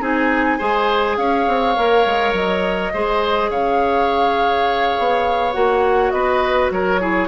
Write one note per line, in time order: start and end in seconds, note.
0.00 0.58 C4
0.00 0.59 D#4
0.00 0.58 G#4
0.00 1.17 G#5
0.58 1.17 G#3
0.58 1.75 G#4
0.58 1.16 C5
1.17 1.46 C#4
1.17 2.93 C#5
1.17 2.33 F5
1.47 1.76 C4
1.76 2.05 A#3
1.76 2.92 A#4
2.05 2.33 G#3
2.33 2.91 F#3
2.33 3.50 D#5
2.93 3.50 G#3
2.93 5.53 G#4
2.93 3.50 C5
3.50 4.95 C#3
3.50 6.12 C#5
3.50 5.52 F5
4.98 5.55 B3
5.52 6.12 A#3
5.52 6.99 F#4
5.52 6.10 F#5
6.10 6.70 B3
6.10 6.72 B4
6.10 6.69 D#5
6.70 7.28 F#3
6.70 7.01 A#4
6.70 7.28 C#5
7.00 7.28 E4
7.00 7.28 G#4